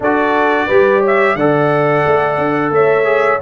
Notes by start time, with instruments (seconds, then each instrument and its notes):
0.00 tuba D4, trombone F#4, horn A4, trumpet D5
0.66 tuba G3, trombone G4, horn B4
1.00 horn C#5
1.06 trumpet E5
1.35 tuba D3, trombone A4, horn D5, trumpet F#5
2.06 tuba A3
2.37 tuba D4
2.71 tuba A3, horn C#5, trumpet E5
3.04 trombone G#4